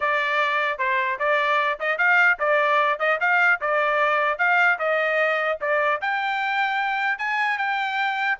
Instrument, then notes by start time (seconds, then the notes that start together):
trumpet
0.00 D5
0.78 C5
1.19 D5
1.79 D#5
1.98 F5
2.39 D5
2.99 D#5
3.20 F5
3.61 D5
4.38 F5
4.79 D#5
5.60 D5
6.01 G5
7.18 G#5
7.58 G5